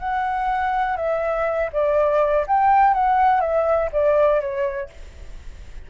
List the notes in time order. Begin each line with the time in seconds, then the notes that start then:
0.00 F#5
0.97 E5
1.73 D5
2.48 G5
2.94 F#5
3.41 E5
3.93 D5
4.41 C#5